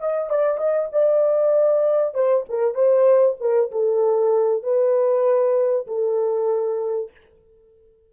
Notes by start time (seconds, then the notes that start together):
0.00 D#5
0.30 D5
0.58 D#5
0.92 D5
2.14 C5
2.49 A#4
2.74 C5
3.40 A#4
3.71 A4
4.63 B4
5.87 A4